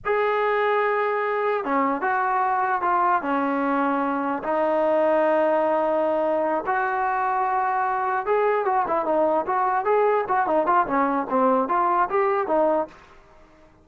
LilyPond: \new Staff \with { instrumentName = "trombone" } { \time 4/4 \tempo 4 = 149 gis'1 | cis'4 fis'2 f'4 | cis'2. dis'4~ | dis'1~ |
dis'8 fis'2.~ fis'8~ | fis'8 gis'4 fis'8 e'8 dis'4 fis'8~ | fis'8 gis'4 fis'8 dis'8 f'8 cis'4 | c'4 f'4 g'4 dis'4 | }